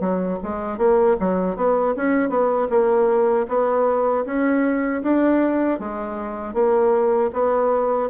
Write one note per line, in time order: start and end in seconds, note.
0.00 0.38 F#3
0.43 0.78 G#3
0.78 1.16 A#3
1.20 1.56 F#3
1.56 1.95 B3
1.96 2.29 C#4
2.29 2.68 B3
2.70 3.47 A#3
3.48 4.25 B3
4.25 5.02 C#4
5.02 5.79 D4
5.79 6.53 G#3
6.53 7.30 A#3
7.33 8.10 B3